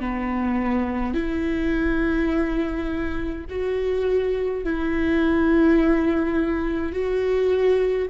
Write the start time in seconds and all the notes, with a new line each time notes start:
0.00 B3
1.14 E4
3.49 F#4
4.64 E4
6.92 F#4